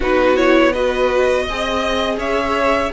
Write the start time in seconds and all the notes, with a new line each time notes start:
0.00 B3 D#4 F#4 B4
0.36 E4 C#5
0.72 F#4 B4 D#5
1.42 D#5
1.49 C4 G#4
2.17 C#4 C#5 E5